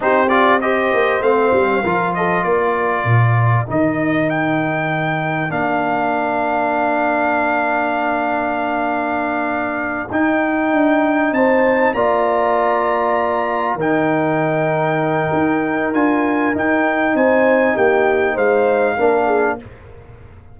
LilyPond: <<
  \new Staff \with { instrumentName = "trumpet" } { \time 4/4 \tempo 4 = 98 c''8 d''8 dis''4 f''4. dis''8 | d''2 dis''4 g''4~ | g''4 f''2.~ | f''1~ |
f''8 g''2 a''4 ais''8~ | ais''2~ ais''8 g''4.~ | g''2 gis''4 g''4 | gis''4 g''4 f''2 | }
  \new Staff \with { instrumentName = "horn" } { \time 4/4 g'4 c''2 ais'8 a'8 | ais'1~ | ais'1~ | ais'1~ |
ais'2~ ais'8 c''4 d''8~ | d''2~ d''8 ais'4.~ | ais'1 | c''4 g'4 c''4 ais'8 gis'8 | }
  \new Staff \with { instrumentName = "trombone" } { \time 4/4 dis'8 f'8 g'4 c'4 f'4~ | f'2 dis'2~ | dis'4 d'2.~ | d'1~ |
d'8 dis'2. f'8~ | f'2~ f'8 dis'4.~ | dis'2 f'4 dis'4~ | dis'2. d'4 | }
  \new Staff \with { instrumentName = "tuba" } { \time 4/4 c'4. ais8 a8 g8 f4 | ais4 ais,4 dis2~ | dis4 ais2.~ | ais1~ |
ais8 dis'4 d'4 c'4 ais8~ | ais2~ ais8 dis4.~ | dis4 dis'4 d'4 dis'4 | c'4 ais4 gis4 ais4 | }
>>